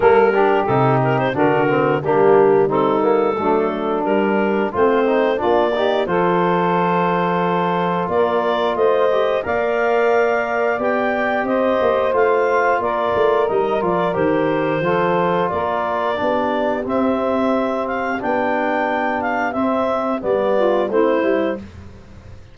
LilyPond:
<<
  \new Staff \with { instrumentName = "clarinet" } { \time 4/4 \tempo 4 = 89 ais'4 a'8 ais'16 c''16 ais'4 g'4 | a'2 ais'4 c''4 | d''4 c''2. | d''4 dis''4 f''2 |
g''4 dis''4 f''4 d''4 | dis''8 d''8 c''2 d''4~ | d''4 e''4. f''8 g''4~ | g''8 f''8 e''4 d''4 c''4 | }
  \new Staff \with { instrumentName = "saxophone" } { \time 4/4 a'8 g'4. fis'4 d'4 | dis'4 d'2 c'4 | f'8 g'8 a'2. | ais'4 c''4 d''2~ |
d''4 c''2 ais'4~ | ais'2 a'4 ais'4 | g'1~ | g'2~ g'8 f'8 e'4 | }
  \new Staff \with { instrumentName = "trombone" } { \time 4/4 ais8 d'8 dis'4 d'8 c'8 ais4 | c'8 ais8 a4 g4 f'8 dis'8 | d'8 dis'8 f'2.~ | f'4. g'8 ais'2 |
g'2 f'2 | dis'8 f'8 g'4 f'2 | d'4 c'2 d'4~ | d'4 c'4 b4 c'8 e'8 | }
  \new Staff \with { instrumentName = "tuba" } { \time 4/4 g4 c4 d4 g4~ | g4 fis4 g4 a4 | ais4 f2. | ais4 a4 ais2 |
b4 c'8 ais8 a4 ais8 a8 | g8 f8 dis4 f4 ais4 | b4 c'2 b4~ | b4 c'4 g4 a8 g8 | }
>>